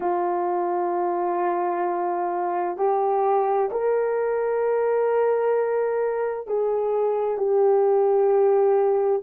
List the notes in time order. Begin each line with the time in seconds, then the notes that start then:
0.00 F4
2.77 G4
3.71 A#4
6.47 G#4
7.37 G4